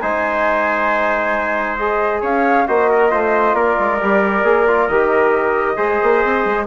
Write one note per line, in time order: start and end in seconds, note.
0.00 2.22 G#3
0.00 1.79 D#4
0.00 2.22 C5
0.00 1.76 G#5
1.76 2.68 G#4
1.76 2.21 D#5
2.22 2.67 C#4
2.22 2.66 C#5
2.22 2.68 F5
2.68 3.13 A#3
2.68 3.11 F#4
2.68 2.90 C5
2.68 3.55 D#5
2.90 3.11 A#4
3.11 3.54 A3
3.11 4.00 F4
3.11 3.56 C5
3.54 3.76 A#3
3.54 5.77 A#4
3.54 4.88 D5
3.80 4.02 G#3
4.01 4.44 G3
4.01 4.45 G4
4.44 4.88 A#3
4.44 4.67 G#4
4.68 4.90 F4
4.88 5.78 D#3
4.88 5.77 G4
4.88 6.66 D#5
5.77 6.00 G#3
5.77 6.66 G#4
5.77 6.66 C5
6.03 6.24 A#3
6.24 6.46 C4
6.46 6.67 G#3